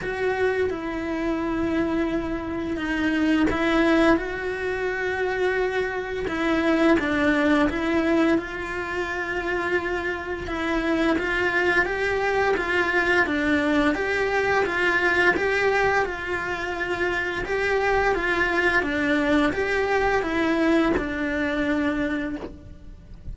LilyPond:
\new Staff \with { instrumentName = "cello" } { \time 4/4 \tempo 4 = 86 fis'4 e'2. | dis'4 e'4 fis'2~ | fis'4 e'4 d'4 e'4 | f'2. e'4 |
f'4 g'4 f'4 d'4 | g'4 f'4 g'4 f'4~ | f'4 g'4 f'4 d'4 | g'4 e'4 d'2 | }